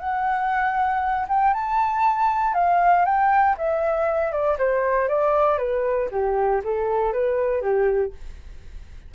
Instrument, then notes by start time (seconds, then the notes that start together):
flute
0.00 F#5
1.29 G5
1.54 A5
2.55 F5
3.06 G5
3.58 E5
4.32 D5
4.59 C5
5.09 D5
5.58 B4
6.12 G4
6.64 A4
7.13 B4
7.62 G4